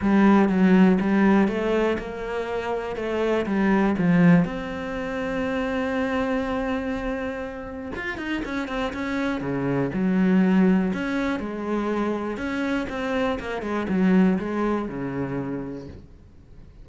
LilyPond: \new Staff \with { instrumentName = "cello" } { \time 4/4 \tempo 4 = 121 g4 fis4 g4 a4 | ais2 a4 g4 | f4 c'2.~ | c'1 |
f'8 dis'8 cis'8 c'8 cis'4 cis4 | fis2 cis'4 gis4~ | gis4 cis'4 c'4 ais8 gis8 | fis4 gis4 cis2 | }